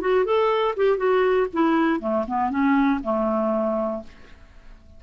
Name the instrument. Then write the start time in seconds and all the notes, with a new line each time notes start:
clarinet
0.00 F#4
0.25 A4
0.76 G4
0.97 F#4
1.52 E4
2.00 A3
2.27 B3
2.50 C#4
3.03 A3